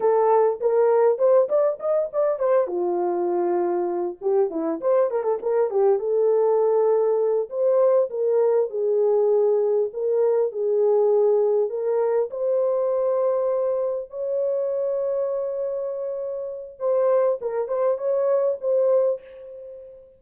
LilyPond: \new Staff \with { instrumentName = "horn" } { \time 4/4 \tempo 4 = 100 a'4 ais'4 c''8 d''8 dis''8 d''8 | c''8 f'2~ f'8 g'8 e'8 | c''8 ais'16 a'16 ais'8 g'8 a'2~ | a'8 c''4 ais'4 gis'4.~ |
gis'8 ais'4 gis'2 ais'8~ | ais'8 c''2. cis''8~ | cis''1 | c''4 ais'8 c''8 cis''4 c''4 | }